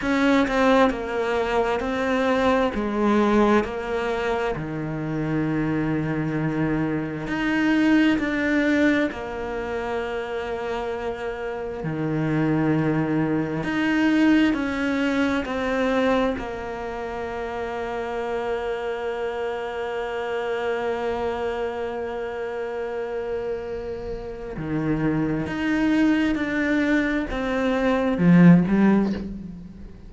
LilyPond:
\new Staff \with { instrumentName = "cello" } { \time 4/4 \tempo 4 = 66 cis'8 c'8 ais4 c'4 gis4 | ais4 dis2. | dis'4 d'4 ais2~ | ais4 dis2 dis'4 |
cis'4 c'4 ais2~ | ais1~ | ais2. dis4 | dis'4 d'4 c'4 f8 g8 | }